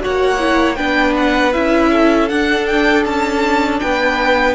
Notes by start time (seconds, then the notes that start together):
0.00 F#4 C#5 F#5
0.06 A#3
0.39 E4
0.76 B3 D4 B4 G5
1.17 F#5
1.53 C#4 E4 E5
1.92 A4
2.29 D4 F#5
2.67 G5
3.06 C#4 A5
3.80 B3 B4 G5